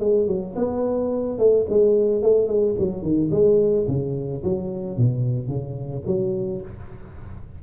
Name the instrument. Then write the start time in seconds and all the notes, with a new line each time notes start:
tuba
0.00 G#3
0.28 F#3
0.56 B3
1.39 A3
1.70 G#3
2.23 A3
2.48 G#3
2.79 F#3
3.03 D#3
3.32 G#3
3.88 C#3
4.44 F#3
4.97 B2
5.48 C#3
6.07 F#3